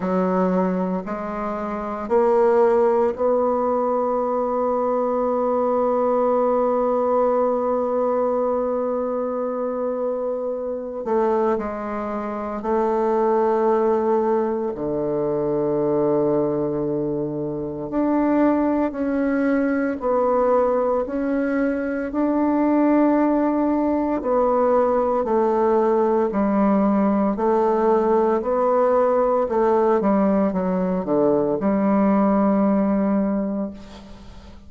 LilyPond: \new Staff \with { instrumentName = "bassoon" } { \time 4/4 \tempo 4 = 57 fis4 gis4 ais4 b4~ | b1~ | b2~ b8 a8 gis4 | a2 d2~ |
d4 d'4 cis'4 b4 | cis'4 d'2 b4 | a4 g4 a4 b4 | a8 g8 fis8 d8 g2 | }